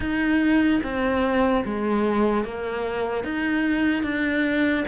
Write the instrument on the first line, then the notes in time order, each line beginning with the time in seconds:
cello
0.00 D#4
0.83 C4
1.65 G#3
2.44 A#3
3.24 D#4
4.03 D4